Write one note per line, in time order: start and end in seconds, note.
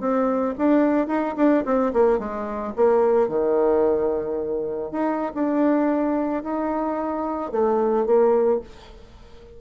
0.00 0.55 C4
0.58 1.07 D4
1.07 1.35 D#4
1.37 1.64 D4
1.65 1.92 C4
1.93 2.19 A#3
2.19 2.73 G#3
2.76 3.29 A#3
3.29 4.91 D#3
4.91 5.32 D#4
5.34 6.43 D4
6.43 7.52 D#4
7.52 8.06 A3
8.06 8.61 A#3